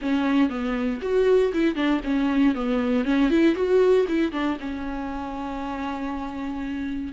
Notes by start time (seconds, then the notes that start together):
0.01 C#4
0.49 B3
1.01 F#4
1.53 E4
1.75 D4
2.03 C#4
2.54 B3
3.04 C#4
3.29 E4
3.55 F#4
4.08 E4
4.32 D4
4.59 C#4